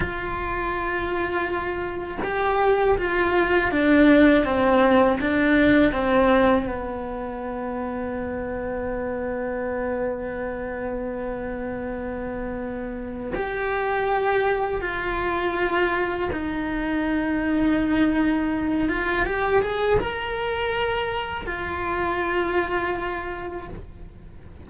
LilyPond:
\new Staff \with { instrumentName = "cello" } { \time 4/4 \tempo 4 = 81 f'2. g'4 | f'4 d'4 c'4 d'4 | c'4 b2.~ | b1~ |
b2 g'2 | f'2 dis'2~ | dis'4. f'8 g'8 gis'8 ais'4~ | ais'4 f'2. | }